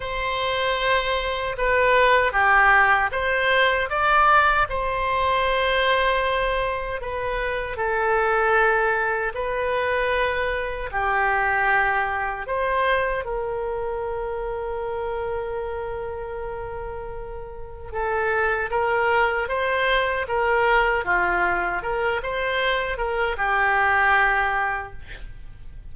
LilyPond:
\new Staff \with { instrumentName = "oboe" } { \time 4/4 \tempo 4 = 77 c''2 b'4 g'4 | c''4 d''4 c''2~ | c''4 b'4 a'2 | b'2 g'2 |
c''4 ais'2.~ | ais'2. a'4 | ais'4 c''4 ais'4 f'4 | ais'8 c''4 ais'8 g'2 | }